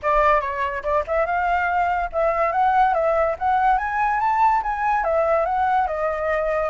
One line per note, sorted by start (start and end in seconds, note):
0.02 0.40 D5
0.40 0.82 C#5
0.83 1.04 D5
1.07 1.26 E5
1.26 2.10 F5
2.12 2.52 E5
2.52 2.94 F#5
2.94 3.35 E5
3.39 3.78 F#5
3.78 4.20 G#5
4.20 4.62 A5
4.62 5.04 G#5
5.04 5.45 E5
5.45 5.87 F#5
5.87 6.69 D#5